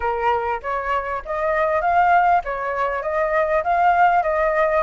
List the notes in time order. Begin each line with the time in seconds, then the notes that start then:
0.00 A#4
0.62 C#5
1.25 D#5
1.81 F5
2.44 C#5
3.02 D#5
3.63 F5
4.22 D#5